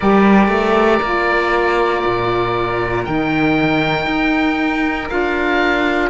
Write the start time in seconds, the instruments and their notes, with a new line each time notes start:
0.00 cello G3, saxophone G4, flute A#4, oboe D5
0.48 cello A3
1.01 cello A#3, saxophone F4
2.05 cello A#2
3.04 cello D#3, saxophone D#4, oboe G5
4.06 cello D#4
5.09 cello D4, saxophone F4, oboe F5